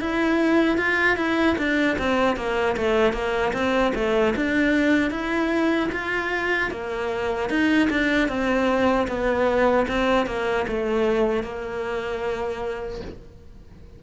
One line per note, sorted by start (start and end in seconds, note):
0.00 0.78 E4
0.78 1.17 F4
1.17 1.56 E4
1.58 1.97 D4
1.98 2.36 C4
2.36 2.76 A#3
2.77 3.13 A3
3.13 3.52 A#3
3.53 3.93 C4
3.95 4.34 A3
4.36 5.11 D4
5.11 5.90 E4
5.92 6.71 F4
6.71 7.49 A#3
7.49 7.89 D#4
7.90 8.28 D4
8.28 9.07 C4
9.08 9.86 B3
9.88 10.26 C4
10.26 10.66 A#3
10.68 11.43 A3
11.43 13.01 A#3